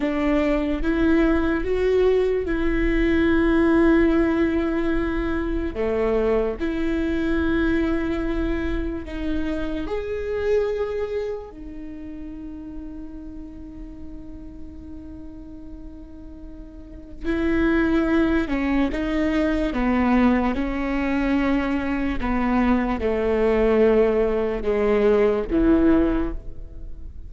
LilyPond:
\new Staff \with { instrumentName = "viola" } { \time 4/4 \tempo 4 = 73 d'4 e'4 fis'4 e'4~ | e'2. a4 | e'2. dis'4 | gis'2 dis'2~ |
dis'1~ | dis'4 e'4. cis'8 dis'4 | b4 cis'2 b4 | a2 gis4 e4 | }